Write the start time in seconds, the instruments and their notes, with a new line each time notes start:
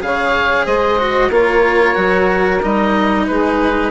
0.00 bassoon C#3, cello G#4, saxophone C#5, oboe F5
0.64 bassoon G#3, saxophone C5, oboe D#5
0.98 cello F#4
1.30 bassoon A#3, cello F4, saxophone A#4, oboe C#5
1.94 bassoon F#3, cello F#4
2.62 bassoon G3, cello D#4, oboe D#5
3.26 bassoon G#3, saxophone G#4, oboe B4